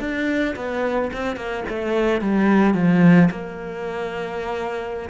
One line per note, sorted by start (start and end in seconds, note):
0.00 0.55 D4
0.56 1.11 B3
1.13 1.36 C4
1.36 1.64 A#3
1.69 2.21 A3
2.21 2.74 G3
2.74 3.30 F3
3.31 5.10 A#3